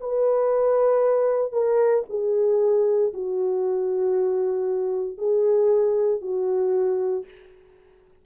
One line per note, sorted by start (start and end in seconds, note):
0.00 1.52 B4
1.52 2.04 A#4
2.09 3.13 G#4
3.13 5.18 F#4
5.18 6.21 G#4
6.22 7.25 F#4